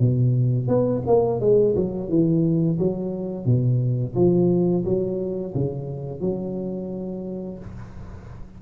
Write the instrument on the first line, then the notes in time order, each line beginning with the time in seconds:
tuba
0.00 B2
0.68 B3
1.07 A#3
1.41 G#3
1.76 F#3
2.09 E3
2.79 F#3
3.46 B2
4.16 F3
4.85 F#3
5.55 C#3
6.21 F#3